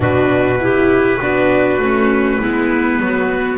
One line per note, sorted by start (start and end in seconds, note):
0.00 1.19 B2
0.00 0.57 D4
0.00 0.59 F#4
0.00 3.58 B4
0.59 1.20 E4
0.59 1.20 G4
1.20 1.78 B3
1.20 1.80 D4
1.20 2.40 F#4
1.78 2.38 A3
1.78 2.42 C#4
2.40 3.00 G#3
2.40 3.58 B3
2.40 3.00 E4
3.00 3.58 F#3
3.00 3.58 F#4